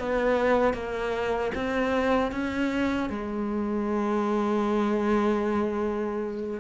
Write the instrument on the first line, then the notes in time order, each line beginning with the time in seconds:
cello
0.00 B3
0.74 A#3
1.55 C4
2.32 C#4
3.10 G#3